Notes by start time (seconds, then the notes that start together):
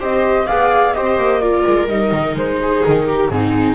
0.00 C4 G4 C5 D#5
0.47 B3 G#4 D5 F5
0.94 C4 G4 C5 D#5
1.18 A#3
1.41 F4 A#4 D5
1.67 G#3
1.88 G3 D#4 D#5
2.12 D#3
2.35 G#3 C5
2.62 G#4
2.85 D#3 A#4
3.08 G4
3.29 G#2 C4 D#4 G#4